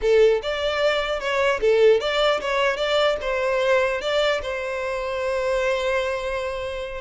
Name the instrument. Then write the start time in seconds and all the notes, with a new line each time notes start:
violin
0.01 A4
0.42 D5
1.20 C#5
1.60 A4
2.00 D5
2.40 C#5
2.76 D5
3.21 C5
4.01 D5
4.42 C5